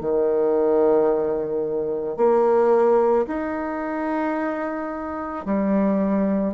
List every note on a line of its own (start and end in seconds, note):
0.00 2.17 D#3
2.17 3.26 A#3
3.27 5.45 D#4
5.45 6.54 G3